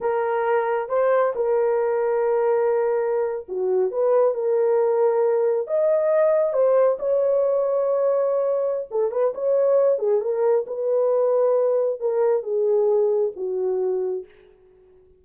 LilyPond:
\new Staff \with { instrumentName = "horn" } { \time 4/4 \tempo 4 = 135 ais'2 c''4 ais'4~ | ais'2.~ ais'8. fis'16~ | fis'8. b'4 ais'2~ ais'16~ | ais'8. dis''2 c''4 cis''16~ |
cis''1 | a'8 b'8 cis''4. gis'8 ais'4 | b'2. ais'4 | gis'2 fis'2 | }